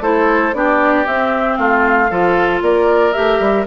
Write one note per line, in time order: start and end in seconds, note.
0.00 0.52 A3
0.00 0.53 E4
0.00 0.54 A4
0.00 0.54 C5
0.53 1.06 B3
0.53 1.05 D4
0.53 1.58 G4
0.53 1.06 D5
1.05 2.09 C4
1.05 1.58 C4
1.05 1.56 E5
1.56 2.10 A3
1.56 2.10 F4
1.56 2.60 F5
2.10 2.61 F3
2.10 3.13 F4
2.10 2.62 A4
2.61 3.14 A#3
2.61 3.66 A#4
2.61 3.12 D5
3.12 3.39 A3
3.12 3.65 G4
3.12 3.65 E5
3.39 3.65 G3